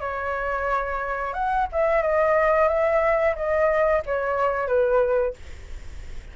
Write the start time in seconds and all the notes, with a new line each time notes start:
0.00 C#5
1.33 F#5
1.72 E5
2.02 D#5
2.68 E5
3.35 D#5
4.06 C#5
4.67 B4